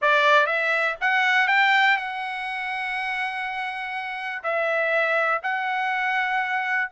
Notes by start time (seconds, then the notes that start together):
0.01 D5
0.46 E5
1.00 F#5
1.47 G5
1.96 F#5
4.43 E5
5.42 F#5